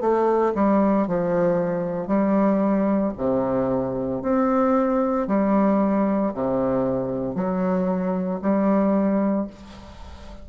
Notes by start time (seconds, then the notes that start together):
0.00 A3
0.54 G3
1.07 F3
2.07 G3
3.17 C3
4.22 C4
5.27 G3
6.34 C3
7.34 F#3
8.41 G3